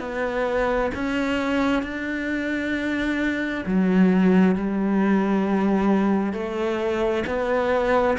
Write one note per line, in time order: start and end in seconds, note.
0.00 0.91 B3
0.95 1.83 C#4
1.83 3.65 D4
3.66 4.56 F#3
4.56 6.33 G3
6.33 7.24 A3
7.27 8.18 B3